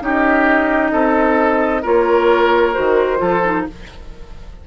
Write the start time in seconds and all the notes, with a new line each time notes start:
0.00 C#4 D#4 G4 D#5
0.92 C4 A4
1.82 A#3 F4 A#4 C#5
2.73 D#3 F#4 C5
3.17 F3 F4 A4
3.44 D#4